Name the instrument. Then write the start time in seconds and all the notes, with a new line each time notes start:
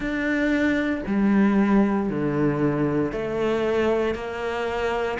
cello
0.00 D4
1.06 G3
2.09 D3
3.12 A3
4.14 A#3